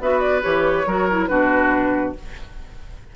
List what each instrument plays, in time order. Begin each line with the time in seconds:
0.00 bassoon B3, clarinet F#4, oboe B4, flute E5
0.20 flute D5
0.42 bassoon E3, clarinet G4, flute C#5
0.86 bassoon F#3, clarinet F#4, oboe A#4
1.10 clarinet E4
1.26 bassoon B2, clarinet D4, oboe F#4, flute B4